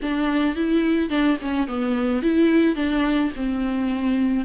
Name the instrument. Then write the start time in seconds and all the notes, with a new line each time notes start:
viola
0.02 D4
0.55 E4
1.09 D4
1.41 C#4
1.67 B3
2.22 E4
2.75 D4
3.35 C4